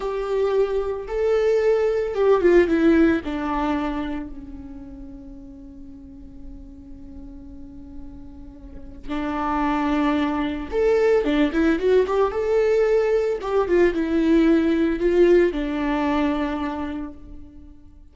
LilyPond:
\new Staff \with { instrumentName = "viola" } { \time 4/4 \tempo 4 = 112 g'2 a'2 | g'8 f'8 e'4 d'2 | cis'1~ | cis'1~ |
cis'4 d'2. | a'4 d'8 e'8 fis'8 g'8 a'4~ | a'4 g'8 f'8 e'2 | f'4 d'2. | }